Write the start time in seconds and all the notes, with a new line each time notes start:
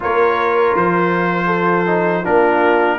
0.00 A#3 F4 A#4 C#5
0.75 F3 C5
1.46 A4
1.86 D#4
2.22 A#3 D4 F4 A#4